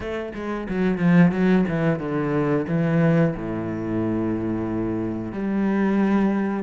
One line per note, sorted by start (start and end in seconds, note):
0.00 0.32 A3
0.34 0.67 G#3
0.68 0.98 F#3
0.98 1.31 F3
1.31 1.65 F#3
1.68 1.99 E3
1.99 2.65 D3
2.68 3.35 E3
3.36 5.32 A2
5.32 6.63 G3